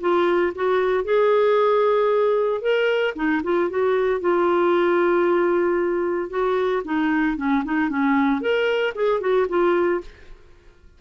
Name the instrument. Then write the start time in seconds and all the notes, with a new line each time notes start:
clarinet
0.00 F4
0.55 F#4
1.04 G#4
2.61 A#4
3.15 D#4
3.43 F4
3.70 F#4
4.20 F4
6.30 F#4
6.84 D#4
7.37 C#4
7.64 D#4
7.89 C#4
8.41 A#4
8.94 G#4
9.20 F#4
9.48 F4